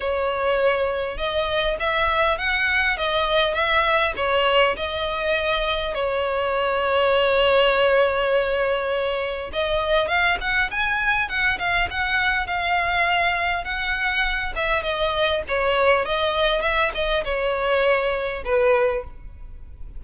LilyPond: \new Staff \with { instrumentName = "violin" } { \time 4/4 \tempo 4 = 101 cis''2 dis''4 e''4 | fis''4 dis''4 e''4 cis''4 | dis''2 cis''2~ | cis''1 |
dis''4 f''8 fis''8 gis''4 fis''8 f''8 | fis''4 f''2 fis''4~ | fis''8 e''8 dis''4 cis''4 dis''4 | e''8 dis''8 cis''2 b'4 | }